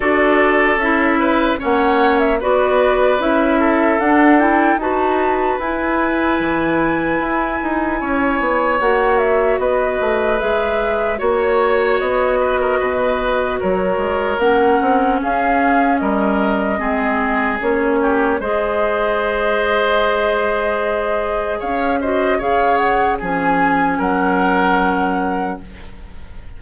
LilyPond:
<<
  \new Staff \with { instrumentName = "flute" } { \time 4/4 \tempo 4 = 75 d''4 e''4 fis''8. e''16 d''4 | e''4 fis''8 g''8 a''4 gis''4~ | gis''2. fis''8 e''8 | dis''4 e''4 cis''4 dis''4~ |
dis''4 cis''4 fis''4 f''4 | dis''2 cis''4 dis''4~ | dis''2. f''8 dis''8 | f''8 fis''8 gis''4 fis''2 | }
  \new Staff \with { instrumentName = "oboe" } { \time 4/4 a'4. b'8 cis''4 b'4~ | b'8 a'4. b'2~ | b'2 cis''2 | b'2 cis''4. b'16 ais'16 |
b'4 ais'2 gis'4 | ais'4 gis'4. g'8 c''4~ | c''2. cis''8 c''8 | cis''4 gis'4 ais'2 | }
  \new Staff \with { instrumentName = "clarinet" } { \time 4/4 fis'4 e'4 cis'4 fis'4 | e'4 d'8 e'8 fis'4 e'4~ | e'2. fis'4~ | fis'4 gis'4 fis'2~ |
fis'2 cis'2~ | cis'4 c'4 cis'4 gis'4~ | gis'2.~ gis'8 fis'8 | gis'4 cis'2. | }
  \new Staff \with { instrumentName = "bassoon" } { \time 4/4 d'4 cis'4 ais4 b4 | cis'4 d'4 dis'4 e'4 | e4 e'8 dis'8 cis'8 b8 ais4 | b8 a8 gis4 ais4 b4 |
b,4 fis8 gis8 ais8 c'8 cis'4 | g4 gis4 ais4 gis4~ | gis2. cis'4 | cis4 f4 fis2 | }
>>